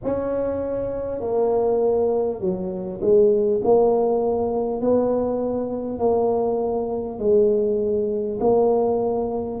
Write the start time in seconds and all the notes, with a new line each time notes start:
0.03 C#4
1.20 A#3
2.40 F#3
3.01 G#3
3.64 A#3
4.81 B3
5.98 A#3
7.18 G#3
8.39 A#3